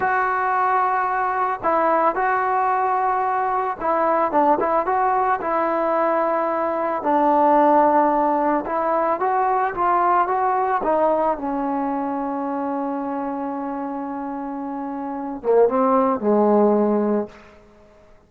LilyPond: \new Staff \with { instrumentName = "trombone" } { \time 4/4 \tempo 4 = 111 fis'2. e'4 | fis'2. e'4 | d'8 e'8 fis'4 e'2~ | e'4 d'2. |
e'4 fis'4 f'4 fis'4 | dis'4 cis'2.~ | cis'1~ | cis'8 ais8 c'4 gis2 | }